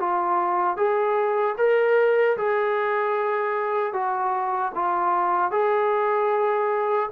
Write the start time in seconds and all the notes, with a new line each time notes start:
0.00 F4
0.77 G#4
1.58 A#4
2.38 G#4
3.93 F#4
4.75 F4
5.52 G#4